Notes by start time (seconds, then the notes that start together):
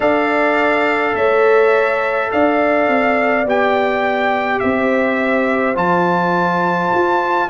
0.00 D4 A4 D5 F5
1.15 A3 C#5 E5
2.31 D4 D5 F5
2.88 C4
3.45 B3 G4 G5
4.59 C4 C5 E5
5.75 F3 F4 A5
6.94 F4